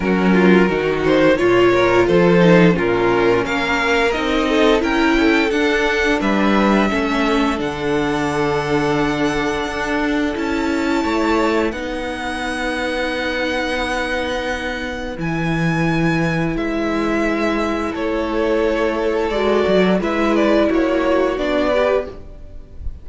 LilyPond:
<<
  \new Staff \with { instrumentName = "violin" } { \time 4/4 \tempo 4 = 87 ais'4. c''8 cis''4 c''4 | ais'4 f''4 dis''4 g''4 | fis''4 e''2 fis''4~ | fis''2. a''4~ |
a''4 fis''2.~ | fis''2 gis''2 | e''2 cis''2 | d''4 e''8 d''8 cis''4 d''4 | }
  \new Staff \with { instrumentName = "violin" } { \time 4/4 fis'8 f'8 fis'4 f'8 ais'8 a'4 | f'4 ais'4. a'8 ais'8 a'8~ | a'4 b'4 a'2~ | a'1 |
cis''4 b'2.~ | b'1~ | b'2 a'2~ | a'4 b'4 fis'4. b'8 | }
  \new Staff \with { instrumentName = "viola" } { \time 4/4 cis'4 dis'4 f'4. dis'8 | cis'2 dis'4 e'4 | d'2 cis'4 d'4~ | d'2. e'4~ |
e'4 dis'2.~ | dis'2 e'2~ | e'1 | fis'4 e'2 d'8 g'8 | }
  \new Staff \with { instrumentName = "cello" } { \time 4/4 fis4 dis4 ais,4 f4 | ais,4 ais4 c'4 cis'4 | d'4 g4 a4 d4~ | d2 d'4 cis'4 |
a4 b2.~ | b2 e2 | gis2 a2 | gis8 fis8 gis4 ais4 b4 | }
>>